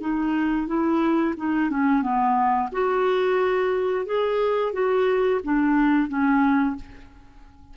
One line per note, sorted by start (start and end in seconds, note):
0.00 0.67 D#4
0.67 1.34 E4
1.37 1.70 D#4
1.70 2.02 C#4
2.02 2.69 B3
2.72 4.05 F#4
4.05 4.73 G#4
4.73 5.40 F#4
5.43 6.08 D4
6.08 6.75 C#4